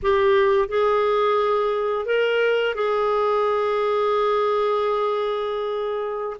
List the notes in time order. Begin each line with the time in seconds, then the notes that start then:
0.02 G4
0.68 G#4
2.05 A#4
2.74 G#4